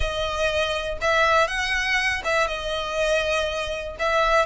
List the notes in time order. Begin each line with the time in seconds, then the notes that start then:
0.00 D#5
1.01 E5
1.47 F#5
2.24 E5
2.47 D#5
3.99 E5